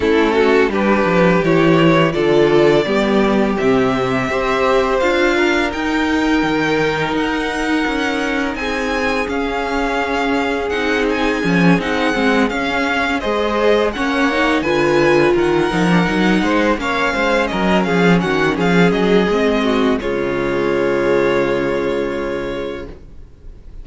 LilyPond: <<
  \new Staff \with { instrumentName = "violin" } { \time 4/4 \tempo 4 = 84 a'4 b'4 cis''4 d''4~ | d''4 e''2 f''4 | g''2 fis''2 | gis''4 f''2 fis''8 gis''8~ |
gis''8 fis''4 f''4 dis''4 fis''8~ | fis''8 gis''4 fis''2 f''8~ | f''8 dis''8 f''8 fis''8 f''8 dis''4. | cis''1 | }
  \new Staff \with { instrumentName = "violin" } { \time 4/4 e'8 fis'8 g'2 a'4 | g'2 c''4. ais'8~ | ais'1 | gis'1~ |
gis'2~ gis'8 c''4 cis''8~ | cis''8 b'4 ais'4. c''8 cis''8 | c''8 ais'8 gis'8 fis'8 gis'4. fis'8 | f'1 | }
  \new Staff \with { instrumentName = "viola" } { \time 4/4 cis'4 d'4 e'4 f'4 | b4 c'4 g'4 f'4 | dis'1~ | dis'4 cis'2 dis'4 |
cis'8 dis'8 c'8 cis'4 gis'4 cis'8 | dis'8 f'4. dis'16 d'16 dis'4 cis'8~ | cis'2. c'4 | gis1 | }
  \new Staff \with { instrumentName = "cello" } { \time 4/4 a4 g8 f8 e4 d4 | g4 c4 c'4 d'4 | dis'4 dis4 dis'4 cis'4 | c'4 cis'2 c'4 |
f8 c'8 gis8 cis'4 gis4 ais8~ | ais8 d4 dis8 f8 fis8 gis8 ais8 | gis8 fis8 f8 dis8 f8 fis8 gis4 | cis1 | }
>>